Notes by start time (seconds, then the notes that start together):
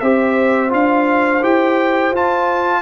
0.00 C4 G4 C5 E5
0.69 D4 F4 F5
1.42 E4 G4 G5
2.11 F4 A5